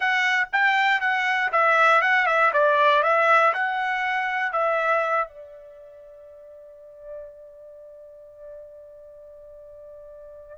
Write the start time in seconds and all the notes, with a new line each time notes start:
0.00 F#5
0.52 G5
1.01 F#5
1.51 E5
2.01 F#5
2.26 E5
2.53 D5
3.03 E5
3.53 F#5
4.52 E5
5.28 D5